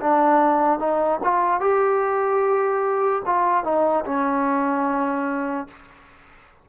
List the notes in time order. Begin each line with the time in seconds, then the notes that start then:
0.00 D4
0.79 D#4
1.23 F4
1.60 G4
3.25 F4
3.64 D#4
4.05 C#4